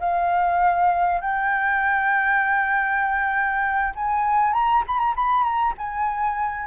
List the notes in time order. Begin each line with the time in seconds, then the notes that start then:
0.00 F5
1.21 G5
3.96 G#5
4.53 A#5
4.87 B5
4.99 A#5
5.16 B5
5.44 A#5
5.78 G#5